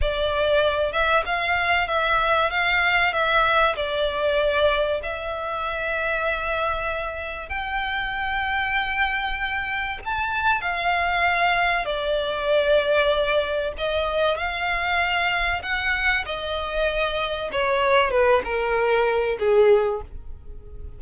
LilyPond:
\new Staff \with { instrumentName = "violin" } { \time 4/4 \tempo 4 = 96 d''4. e''8 f''4 e''4 | f''4 e''4 d''2 | e''1 | g''1 |
a''4 f''2 d''4~ | d''2 dis''4 f''4~ | f''4 fis''4 dis''2 | cis''4 b'8 ais'4. gis'4 | }